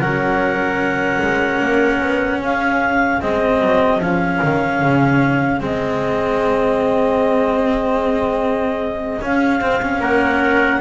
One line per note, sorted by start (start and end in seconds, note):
0.00 1.20 F#3
0.00 3.21 C#4
0.00 2.40 A#4
0.00 2.40 F#5
1.22 1.61 G#3
1.61 2.01 A#3
2.01 2.41 B3
2.40 3.21 C#4
2.40 10.00 G#4
2.40 3.22 F5
3.22 3.62 G#3
3.22 4.02 C4
3.22 4.01 D#5
3.62 3.99 F#3
3.99 4.39 F3
3.99 5.61 C#4
3.99 5.61 F5
4.43 4.82 D#3
4.82 5.60 C#3
5.60 9.20 G#3
5.60 9.21 C4
5.60 9.25 D#5
9.22 9.60 C#4
9.22 9.61 C#4
9.22 10.02 F5
9.60 10.00 C4
9.60 9.81 C4
9.82 10.81 C#4
10.00 10.80 A#3
10.00 10.80 A#4
10.00 10.81 F#5